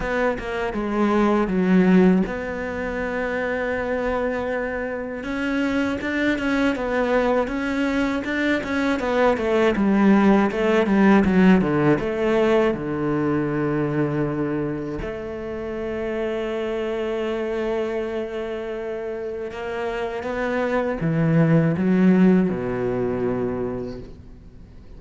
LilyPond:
\new Staff \with { instrumentName = "cello" } { \time 4/4 \tempo 4 = 80 b8 ais8 gis4 fis4 b4~ | b2. cis'4 | d'8 cis'8 b4 cis'4 d'8 cis'8 | b8 a8 g4 a8 g8 fis8 d8 |
a4 d2. | a1~ | a2 ais4 b4 | e4 fis4 b,2 | }